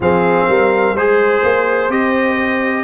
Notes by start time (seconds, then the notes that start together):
0.00 F3 C4 G#4 F5
0.48 G3 A#4
0.94 G#3 G#4 C5
1.43 A#3
1.89 C4 G4 D#5